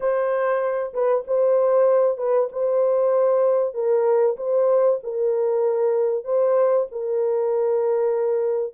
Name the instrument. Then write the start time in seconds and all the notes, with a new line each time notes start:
horn
0.00 C5
0.93 B4
1.27 C5
2.17 B4
2.52 C5
3.74 A#4
4.37 C5
5.03 A#4
6.24 C5
6.91 A#4